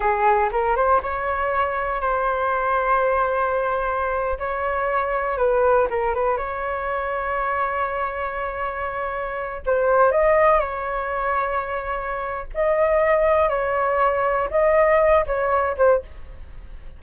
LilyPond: \new Staff \with { instrumentName = "flute" } { \time 4/4 \tempo 4 = 120 gis'4 ais'8 c''8 cis''2 | c''1~ | c''8. cis''2 b'4 ais'16~ | ais'16 b'8 cis''2.~ cis''16~ |
cis''2.~ cis''16 c''8.~ | c''16 dis''4 cis''2~ cis''8.~ | cis''4 dis''2 cis''4~ | cis''4 dis''4. cis''4 c''8 | }